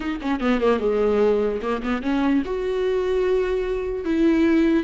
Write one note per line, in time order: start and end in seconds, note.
0.00 0.18 D#4
0.21 0.40 C#4
0.40 0.60 B3
0.61 0.79 A#3
0.79 1.60 G#3
1.62 1.82 A#3
1.82 2.02 B3
2.02 2.42 C#4
2.45 4.05 F#4
4.05 4.83 E4